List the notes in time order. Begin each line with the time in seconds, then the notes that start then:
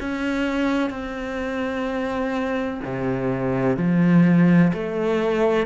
0.00 C#4
0.90 C4
2.85 C3
3.77 F3
4.74 A3